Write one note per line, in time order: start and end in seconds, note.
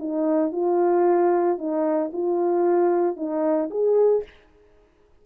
0.00 0.52 D#4
0.52 1.58 F4
1.58 2.11 D#4
2.13 3.17 F4
3.17 3.70 D#4
3.71 4.24 G#4